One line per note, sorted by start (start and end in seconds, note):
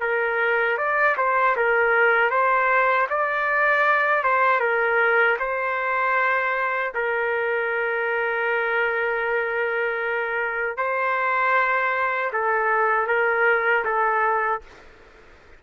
0.00 0.77 A#4
0.77 1.16 D5
1.17 1.56 C5
1.56 2.30 A#4
2.30 3.07 C5
3.09 4.23 D5
4.23 4.60 C5
4.60 5.37 A#4
5.39 6.93 C5
6.94 10.77 A#4
10.77 12.31 C5
12.33 13.07 A4
13.07 13.84 A#4
13.85 14.62 A4